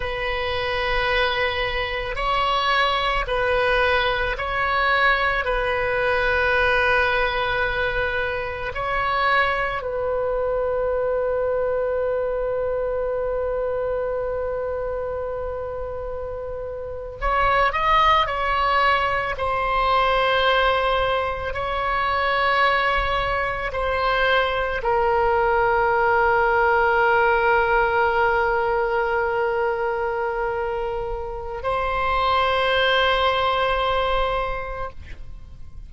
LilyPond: \new Staff \with { instrumentName = "oboe" } { \time 4/4 \tempo 4 = 55 b'2 cis''4 b'4 | cis''4 b'2. | cis''4 b'2.~ | b'2.~ b'8. cis''16~ |
cis''16 dis''8 cis''4 c''2 cis''16~ | cis''4.~ cis''16 c''4 ais'4~ ais'16~ | ais'1~ | ais'4 c''2. | }